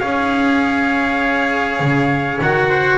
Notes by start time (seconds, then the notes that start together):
0.00 C#4 G#4 C#5 F5
1.80 C#3
2.41 D#3 F#4 F#5
2.69 C5